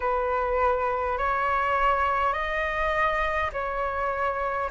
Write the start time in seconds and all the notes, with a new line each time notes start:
0.00 B4
1.18 C#5
2.33 D#5
3.52 C#5